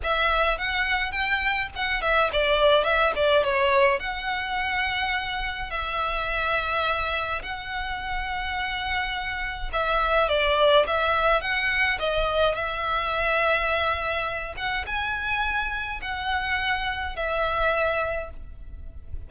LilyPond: \new Staff \with { instrumentName = "violin" } { \time 4/4 \tempo 4 = 105 e''4 fis''4 g''4 fis''8 e''8 | d''4 e''8 d''8 cis''4 fis''4~ | fis''2 e''2~ | e''4 fis''2.~ |
fis''4 e''4 d''4 e''4 | fis''4 dis''4 e''2~ | e''4. fis''8 gis''2 | fis''2 e''2 | }